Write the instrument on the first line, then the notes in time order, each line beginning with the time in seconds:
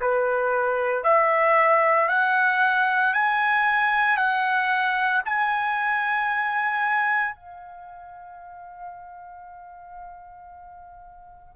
trumpet
0.00 B4
1.03 E5
2.08 F#5
3.13 G#5
4.16 F#5
5.25 G#5
7.34 F5